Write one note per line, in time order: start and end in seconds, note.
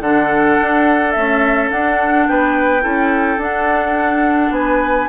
0.00 0.57 D3
0.00 1.14 D4
0.00 2.28 A4
0.00 1.11 F#5
0.61 1.17 D4
1.11 1.69 A3
1.11 1.71 C#4
1.11 1.68 E5
1.69 2.81 D4
1.69 2.28 D4
1.69 2.27 F#5
2.27 2.84 B3
2.27 2.83 B4
2.27 3.40 G5
2.81 3.37 C#4
2.81 3.37 E4
2.81 4.52 A4
3.37 4.50 D4
3.37 5.09 D4
3.37 4.53 F#5
4.50 5.06 B3
4.50 5.09 B4
4.50 5.09 G#5